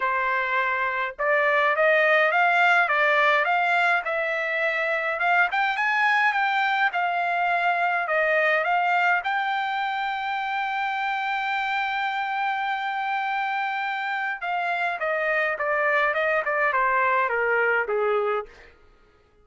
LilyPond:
\new Staff \with { instrumentName = "trumpet" } { \time 4/4 \tempo 4 = 104 c''2 d''4 dis''4 | f''4 d''4 f''4 e''4~ | e''4 f''8 g''8 gis''4 g''4 | f''2 dis''4 f''4 |
g''1~ | g''1~ | g''4 f''4 dis''4 d''4 | dis''8 d''8 c''4 ais'4 gis'4 | }